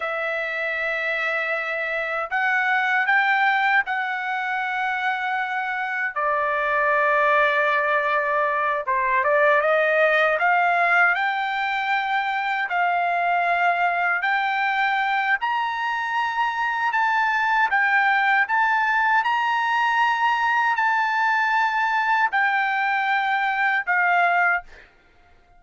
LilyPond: \new Staff \with { instrumentName = "trumpet" } { \time 4/4 \tempo 4 = 78 e''2. fis''4 | g''4 fis''2. | d''2.~ d''8 c''8 | d''8 dis''4 f''4 g''4.~ |
g''8 f''2 g''4. | ais''2 a''4 g''4 | a''4 ais''2 a''4~ | a''4 g''2 f''4 | }